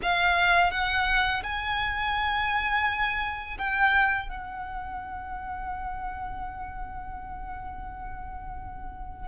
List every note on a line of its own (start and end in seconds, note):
0.02 0.71 F5
0.71 1.42 F#5
1.43 3.57 G#5
3.57 4.28 G5
4.28 9.28 F#5